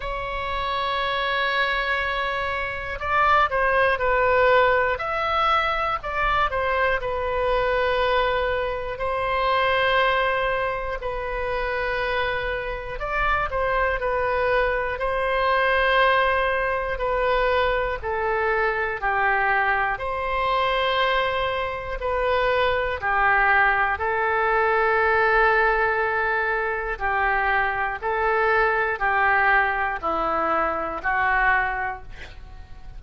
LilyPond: \new Staff \with { instrumentName = "oboe" } { \time 4/4 \tempo 4 = 60 cis''2. d''8 c''8 | b'4 e''4 d''8 c''8 b'4~ | b'4 c''2 b'4~ | b'4 d''8 c''8 b'4 c''4~ |
c''4 b'4 a'4 g'4 | c''2 b'4 g'4 | a'2. g'4 | a'4 g'4 e'4 fis'4 | }